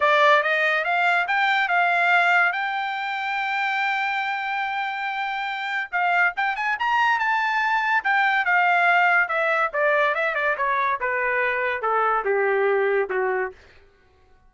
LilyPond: \new Staff \with { instrumentName = "trumpet" } { \time 4/4 \tempo 4 = 142 d''4 dis''4 f''4 g''4 | f''2 g''2~ | g''1~ | g''2 f''4 g''8 gis''8 |
ais''4 a''2 g''4 | f''2 e''4 d''4 | e''8 d''8 cis''4 b'2 | a'4 g'2 fis'4 | }